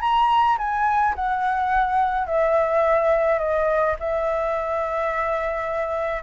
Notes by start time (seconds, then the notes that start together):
0.00 A#5
0.58 G#5
1.15 F#5
2.26 E5
3.39 D#5
3.99 E5